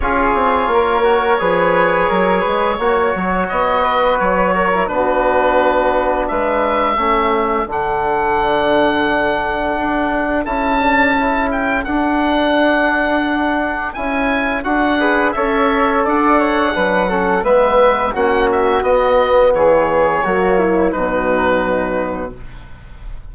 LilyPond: <<
  \new Staff \with { instrumentName = "oboe" } { \time 4/4 \tempo 4 = 86 cis''1~ | cis''4 dis''4 cis''4 b'4~ | b'4 e''2 fis''4~ | fis''2. a''4~ |
a''8 g''8 fis''2. | gis''4 fis''4 e''4 fis''4~ | fis''4 e''4 fis''8 e''8 dis''4 | cis''2 b'2 | }
  \new Staff \with { instrumentName = "flute" } { \time 4/4 gis'4 ais'4 b'4 ais'8 b'8 | cis''4. b'4 ais'8 fis'4~ | fis'4 b'4 a'2~ | a'1~ |
a'1~ | a'4. b'8 cis''4 d''8 cis''8 | b'8 a'8 b'4 fis'2 | gis'4 fis'8 e'8 dis'2 | }
  \new Staff \with { instrumentName = "trombone" } { \time 4/4 f'4. fis'8 gis'2 | fis'2~ fis'8. e'16 d'4~ | d'2 cis'4 d'4~ | d'2. e'8 d'8 |
e'4 d'2. | e'4 fis'8 gis'8 a'2 | d'8 cis'8 b4 cis'4 b4~ | b4 ais4 fis2 | }
  \new Staff \with { instrumentName = "bassoon" } { \time 4/4 cis'8 c'8 ais4 f4 fis8 gis8 | ais8 fis8 b4 fis4 b4~ | b4 gis4 a4 d4~ | d2 d'4 cis'4~ |
cis'4 d'2. | cis'4 d'4 cis'4 d'4 | fis4 gis4 ais4 b4 | e4 fis4 b,2 | }
>>